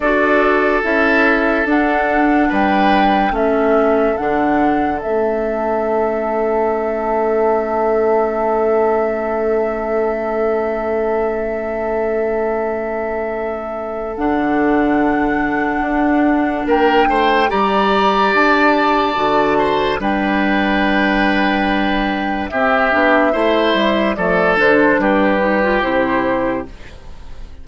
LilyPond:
<<
  \new Staff \with { instrumentName = "flute" } { \time 4/4 \tempo 4 = 72 d''4 e''4 fis''4 g''4 | e''4 fis''4 e''2~ | e''1~ | e''1~ |
e''4 fis''2. | g''4 ais''4 a''2 | g''2. e''4~ | e''4 d''8 c''8 b'4 c''4 | }
  \new Staff \with { instrumentName = "oboe" } { \time 4/4 a'2. b'4 | a'1~ | a'1~ | a'1~ |
a'1 | ais'8 c''8 d''2~ d''8 c''8 | b'2. g'4 | c''4 a'4 g'2 | }
  \new Staff \with { instrumentName = "clarinet" } { \time 4/4 fis'4 e'4 d'2 | cis'4 d'4 cis'2~ | cis'1~ | cis'1~ |
cis'4 d'2.~ | d'4 g'2 fis'4 | d'2. c'8 d'8 | e'4 a8 d'4 dis'16 f'16 e'4 | }
  \new Staff \with { instrumentName = "bassoon" } { \time 4/4 d'4 cis'4 d'4 g4 | a4 d4 a2~ | a1~ | a1~ |
a4 d2 d'4 | ais8 a8 g4 d'4 d4 | g2. c'8 b8 | a8 g8 f8 d8 g4 c4 | }
>>